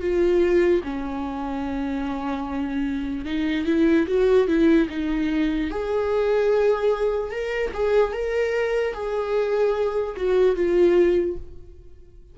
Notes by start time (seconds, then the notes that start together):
0.00 F4
0.83 C#4
3.25 D#4
3.65 E4
4.07 F#4
4.47 E4
4.89 D#4
5.70 G#4
7.31 A#4
7.73 G#4
8.12 A#4
8.93 G#4
10.16 F#4
10.56 F4